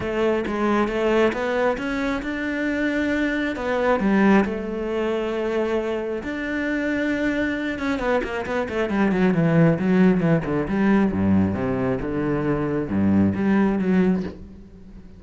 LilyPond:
\new Staff \with { instrumentName = "cello" } { \time 4/4 \tempo 4 = 135 a4 gis4 a4 b4 | cis'4 d'2. | b4 g4 a2~ | a2 d'2~ |
d'4. cis'8 b8 ais8 b8 a8 | g8 fis8 e4 fis4 e8 d8 | g4 g,4 c4 d4~ | d4 g,4 g4 fis4 | }